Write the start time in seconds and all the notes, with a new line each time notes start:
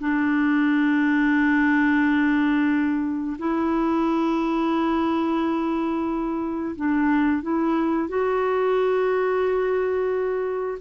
0.00 D4
3.39 E4
6.76 D4
7.42 E4
8.09 F#4